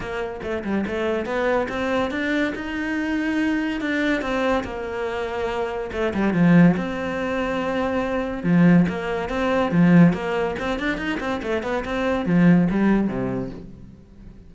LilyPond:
\new Staff \with { instrumentName = "cello" } { \time 4/4 \tempo 4 = 142 ais4 a8 g8 a4 b4 | c'4 d'4 dis'2~ | dis'4 d'4 c'4 ais4~ | ais2 a8 g8 f4 |
c'1 | f4 ais4 c'4 f4 | ais4 c'8 d'8 dis'8 c'8 a8 b8 | c'4 f4 g4 c4 | }